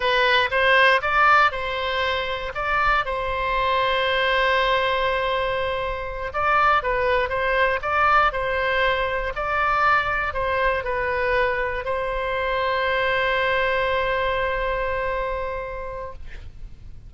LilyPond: \new Staff \with { instrumentName = "oboe" } { \time 4/4 \tempo 4 = 119 b'4 c''4 d''4 c''4~ | c''4 d''4 c''2~ | c''1~ | c''8 d''4 b'4 c''4 d''8~ |
d''8 c''2 d''4.~ | d''8 c''4 b'2 c''8~ | c''1~ | c''1 | }